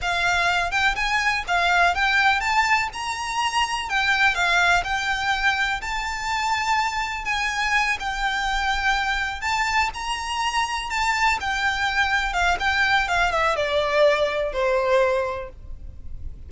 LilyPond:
\new Staff \with { instrumentName = "violin" } { \time 4/4 \tempo 4 = 124 f''4. g''8 gis''4 f''4 | g''4 a''4 ais''2 | g''4 f''4 g''2 | a''2. gis''4~ |
gis''8 g''2. a''8~ | a''8 ais''2 a''4 g''8~ | g''4. f''8 g''4 f''8 e''8 | d''2 c''2 | }